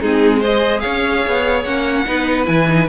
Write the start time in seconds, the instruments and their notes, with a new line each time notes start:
0.00 cello G#3, viola C4, violin D#4 G#4
0.40 viola G#4, violin C5 D#5
0.80 cello C#4, violin C#5 F5
1.27 cello B3
1.64 cello A#3, viola C#4, violin F#5
2.06 cello B3, viola D#4, violin B4
2.46 cello E3, viola E4, violin G#5
2.68 viola D#4